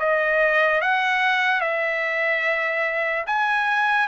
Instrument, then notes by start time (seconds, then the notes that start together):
trumpet
0.00 D#5
0.81 F#5
1.61 E5
3.27 G#5